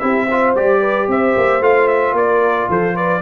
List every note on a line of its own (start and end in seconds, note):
0.00 0.55 C4
0.00 0.28 E4
0.00 0.28 G4
0.00 0.54 E5
0.28 0.56 F4
0.28 0.81 C5
0.55 1.08 G3
0.55 1.61 G4
0.55 1.09 D5
0.81 1.07 B4
1.08 1.35 C4
1.08 2.17 C5
1.08 1.63 E5
1.37 1.60 A#3
1.60 2.12 A3
1.60 3.22 F4
1.60 1.88 F5
1.88 2.15 E5
2.12 2.66 A#3
2.12 2.70 D5
2.19 2.69 A#4
2.69 3.22 F3
2.69 2.95 A4
2.69 2.96 C5
2.95 3.22 B4
2.95 3.22 D5